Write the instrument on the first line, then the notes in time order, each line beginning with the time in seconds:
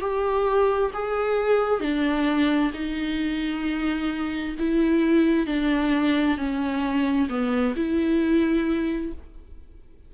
viola
0.00 G4
0.93 G#4
1.80 D4
2.73 D#4
4.58 E4
5.46 D4
6.37 C#4
7.29 B3
7.76 E4